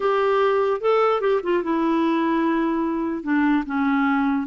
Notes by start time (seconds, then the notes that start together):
0.00 G4
0.81 A4
1.20 G4
1.43 F4
1.63 E4
3.23 D4
3.66 C#4